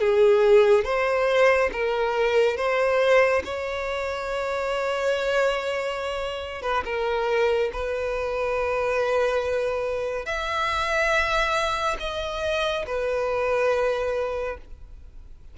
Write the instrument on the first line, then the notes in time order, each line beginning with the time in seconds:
violin
0.00 G#4
0.84 C5
1.72 A#4
2.57 C5
3.44 C#5
6.62 B4
6.85 A#4
7.73 B4
10.25 E5
12.00 D#5
12.86 B4